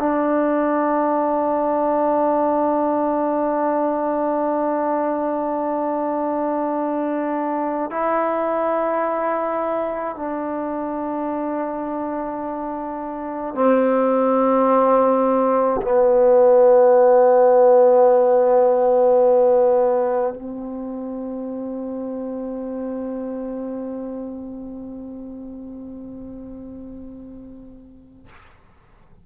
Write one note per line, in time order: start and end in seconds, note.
0.00 7.91 D4
7.91 10.16 E4
10.16 13.55 D4
13.55 15.81 C4
15.82 20.34 B3
20.34 28.27 C4